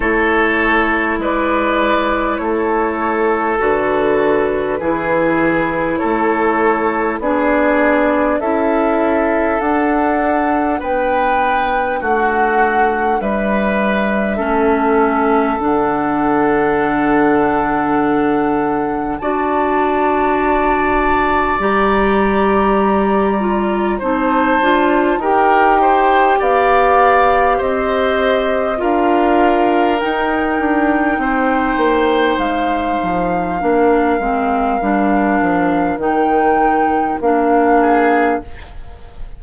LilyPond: <<
  \new Staff \with { instrumentName = "flute" } { \time 4/4 \tempo 4 = 50 cis''4 d''4 cis''4 b'4~ | b'4 cis''4 d''4 e''4 | fis''4 g''4 fis''4 e''4~ | e''4 fis''2. |
a''2 ais''2 | a''4 g''4 f''4 dis''4 | f''4 g''2 f''4~ | f''2 g''4 f''4 | }
  \new Staff \with { instrumentName = "oboe" } { \time 4/4 a'4 b'4 a'2 | gis'4 a'4 gis'4 a'4~ | a'4 b'4 fis'4 b'4 | a'1 |
d''1 | c''4 ais'8 c''8 d''4 c''4 | ais'2 c''2 | ais'2.~ ais'8 gis'8 | }
  \new Staff \with { instrumentName = "clarinet" } { \time 4/4 e'2. fis'4 | e'2 d'4 e'4 | d'1 | cis'4 d'2. |
fis'2 g'4. f'8 | dis'8 f'8 g'2. | f'4 dis'2. | d'8 c'8 d'4 dis'4 d'4 | }
  \new Staff \with { instrumentName = "bassoon" } { \time 4/4 a4 gis4 a4 d4 | e4 a4 b4 cis'4 | d'4 b4 a4 g4 | a4 d2. |
d'2 g2 | c'8 d'8 dis'4 b4 c'4 | d'4 dis'8 d'8 c'8 ais8 gis8 f8 | ais8 gis8 g8 f8 dis4 ais4 | }
>>